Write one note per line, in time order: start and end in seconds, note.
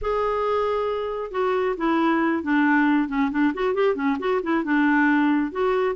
0.01 1.31 G#4
1.31 1.75 F#4
1.77 2.43 E4
2.43 3.08 D4
3.08 3.30 C#4
3.31 3.53 D4
3.53 3.74 F#4
3.74 3.95 G4
3.95 4.17 C#4
4.19 4.41 F#4
4.42 4.64 E4
4.64 5.51 D4
5.51 5.95 F#4